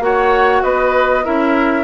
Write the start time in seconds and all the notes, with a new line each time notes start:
0.00 A#3 F#4 C#5 F#5
0.63 B3 B4 D#5
1.23 C#4 E4 A#4 E5